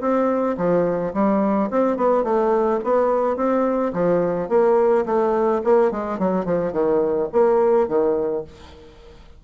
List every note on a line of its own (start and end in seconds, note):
0.00 0.56 C4
0.57 1.13 F3
1.13 1.69 G3
1.70 1.96 C4
1.96 2.23 B3
2.23 2.79 A3
2.83 3.36 B3
3.36 3.92 C4
3.93 4.49 F3
4.49 5.05 A#3
5.05 5.61 A3
5.64 5.91 A#3
5.91 6.18 G#3
6.18 6.45 F#3
6.45 6.72 F3
6.72 7.28 D#3
7.32 7.88 A#3
7.88 8.44 D#3